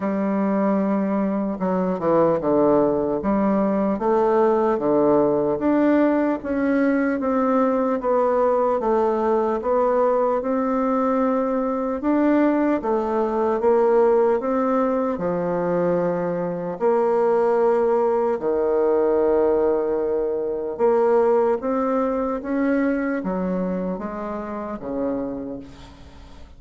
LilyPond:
\new Staff \with { instrumentName = "bassoon" } { \time 4/4 \tempo 4 = 75 g2 fis8 e8 d4 | g4 a4 d4 d'4 | cis'4 c'4 b4 a4 | b4 c'2 d'4 |
a4 ais4 c'4 f4~ | f4 ais2 dis4~ | dis2 ais4 c'4 | cis'4 fis4 gis4 cis4 | }